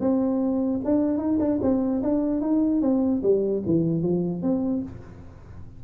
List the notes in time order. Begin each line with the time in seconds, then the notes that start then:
0.00 C4
0.84 D4
1.17 D#4
1.39 D4
1.62 C4
2.02 D4
2.41 D#4
2.81 C4
3.22 G3
3.66 E3
4.02 F3
4.42 C4